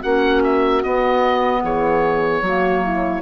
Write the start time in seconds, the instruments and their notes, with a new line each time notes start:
0.00 bassoon A#3, clarinet C#4, horn F#4, oboe F#5
0.43 oboe E5
0.83 clarinet B3, bassoon B3, oboe D#5
1.63 bassoon E3, horn G#4, oboe C#5
2.41 bassoon F#3, clarinet A#3, horn F#4
2.83 horn E4